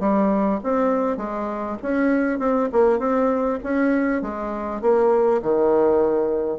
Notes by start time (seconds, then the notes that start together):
0.00 G3
0.64 C4
1.17 G#3
1.82 C#4
2.39 C4
2.72 A#3
2.99 C4
3.64 C#4
4.22 G#3
4.82 A#3
5.42 D#3